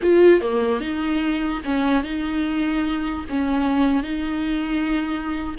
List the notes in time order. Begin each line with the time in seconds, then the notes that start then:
0.02 F4
0.41 A#3
0.80 D#4
1.65 C#4
2.03 D#4
3.29 C#4
4.03 D#4